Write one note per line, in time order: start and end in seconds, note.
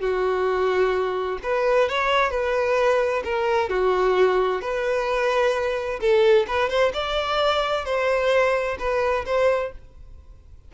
0.00 1.38 F#4
1.43 1.89 B4
1.89 2.30 C#5
2.30 3.23 B4
3.24 3.69 A#4
3.69 4.61 F#4
4.61 6.00 B4
6.00 6.46 A4
6.47 6.69 B4
6.69 6.92 C5
6.93 7.85 D5
7.85 8.77 C5
8.79 9.25 B4
9.25 9.72 C5